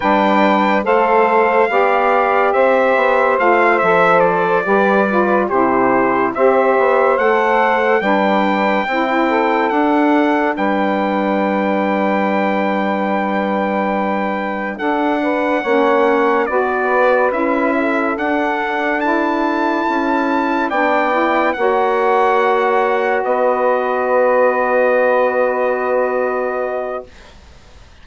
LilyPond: <<
  \new Staff \with { instrumentName = "trumpet" } { \time 4/4 \tempo 4 = 71 g''4 f''2 e''4 | f''8 e''8 d''4. c''4 e''8~ | e''8 fis''4 g''2 fis''8~ | fis''8 g''2.~ g''8~ |
g''4. fis''2 d''8~ | d''8 e''4 fis''4 a''4.~ | a''8 g''4 fis''2 dis''8~ | dis''1 | }
  \new Staff \with { instrumentName = "saxophone" } { \time 4/4 b'4 c''4 d''4 c''4~ | c''4. b'4 g'4 c''8~ | c''4. b'4 e'8 a'4~ | a'8 b'2.~ b'8~ |
b'4. a'8 b'8 cis''4 b'8~ | b'4 a'2.~ | a'8 d''4 cis''2 b'8~ | b'1 | }
  \new Staff \with { instrumentName = "saxophone" } { \time 4/4 d'4 a'4 g'2 | f'8 a'4 g'8 f'8 e'4 g'8~ | g'8 a'4 d'4 e'4 d'8~ | d'1~ |
d'2~ d'8 cis'4 fis'8~ | fis'8 e'4 d'4 e'4.~ | e'8 d'8 e'8 fis'2~ fis'8~ | fis'1 | }
  \new Staff \with { instrumentName = "bassoon" } { \time 4/4 g4 a4 b4 c'8 b8 | a8 f4 g4 c4 c'8 | b8 a4 g4 c'4 d'8~ | d'8 g2.~ g8~ |
g4. d'4 ais4 b8~ | b8 cis'4 d'2 cis'8~ | cis'8 b4 ais2 b8~ | b1 | }
>>